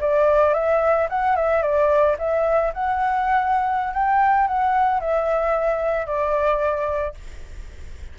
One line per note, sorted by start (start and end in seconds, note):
0.00 0.54 D5
0.54 1.08 E5
1.09 1.36 F#5
1.36 1.62 E5
1.62 2.16 D5
2.18 2.72 E5
2.73 3.93 F#5
3.93 4.47 G5
4.47 5.00 F#5
5.00 6.06 E5
6.06 7.14 D5